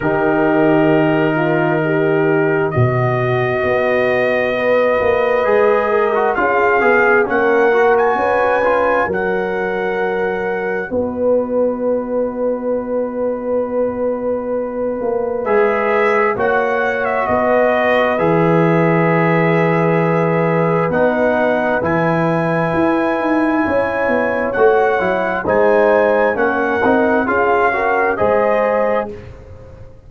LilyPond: <<
  \new Staff \with { instrumentName = "trumpet" } { \time 4/4 \tempo 4 = 66 ais'2. dis''4~ | dis''2. f''4 | fis''8. gis''4~ gis''16 fis''2 | dis''1~ |
dis''4 e''4 fis''8. e''16 dis''4 | e''2. fis''4 | gis''2. fis''4 | gis''4 fis''4 f''4 dis''4 | }
  \new Staff \with { instrumentName = "horn" } { \time 4/4 g'4. f'8 g'4 fis'4~ | fis'4 b'4. ais'8 gis'4 | ais'4 b'4 ais'2 | b'1~ |
b'2 cis''4 b'4~ | b'1~ | b'2 cis''2 | c''4 ais'4 gis'8 ais'8 c''4 | }
  \new Staff \with { instrumentName = "trombone" } { \time 4/4 dis'2. fis'4~ | fis'2 gis'8. fis'16 f'8 gis'8 | cis'8 fis'4 f'8 fis'2~ | fis'1~ |
fis'4 gis'4 fis'2 | gis'2. dis'4 | e'2. fis'8 e'8 | dis'4 cis'8 dis'8 f'8 fis'8 gis'4 | }
  \new Staff \with { instrumentName = "tuba" } { \time 4/4 dis2. b,4 | b4. ais8 gis4 cis'8 b8 | ais4 cis'4 fis2 | b1~ |
b8 ais8 gis4 ais4 b4 | e2. b4 | e4 e'8 dis'8 cis'8 b8 a8 fis8 | gis4 ais8 c'8 cis'4 gis4 | }
>>